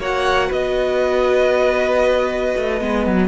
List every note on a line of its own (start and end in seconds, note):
0.00 0.51 A#3
0.00 2.81 F#4
0.00 0.49 C#5
0.00 0.53 F#5
0.49 2.55 B3
0.49 3.28 B4
0.49 3.28 D#5
2.57 2.82 A3
2.81 3.07 G#3
2.81 3.28 B3
3.07 3.28 F#3